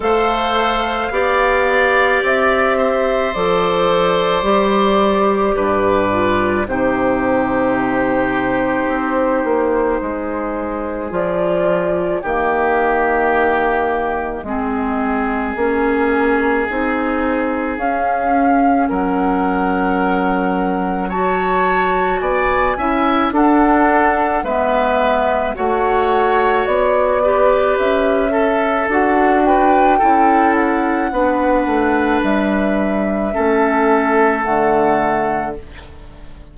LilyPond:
<<
  \new Staff \with { instrumentName = "flute" } { \time 4/4 \tempo 4 = 54 f''2 e''4 d''4~ | d''2 c''2~ | c''2 d''4 dis''4~ | dis''1 |
f''4 fis''2 a''4 | gis''4 fis''4 e''4 fis''4 | d''4 e''4 fis''8 g''4 fis''8~ | fis''4 e''2 fis''4 | }
  \new Staff \with { instrumentName = "oboe" } { \time 4/4 c''4 d''4. c''4.~ | c''4 b'4 g'2~ | g'4 gis'2 g'4~ | g'4 gis'2.~ |
gis'4 ais'2 cis''4 | d''8 e''8 a'4 b'4 cis''4~ | cis''8 b'4 a'4 b'8 a'4 | b'2 a'2 | }
  \new Staff \with { instrumentName = "clarinet" } { \time 4/4 a'4 g'2 a'4 | g'4. f'8 dis'2~ | dis'2 f'4 ais4~ | ais4 c'4 cis'4 dis'4 |
cis'2. fis'4~ | fis'8 e'8 d'4 b4 fis'4~ | fis'8 g'4 a'8 fis'4 e'4 | d'2 cis'4 a4 | }
  \new Staff \with { instrumentName = "bassoon" } { \time 4/4 a4 b4 c'4 f4 | g4 g,4 c2 | c'8 ais8 gis4 f4 dis4~ | dis4 gis4 ais4 c'4 |
cis'4 fis2. | b8 cis'8 d'4 gis4 a4 | b4 cis'4 d'4 cis'4 | b8 a8 g4 a4 d4 | }
>>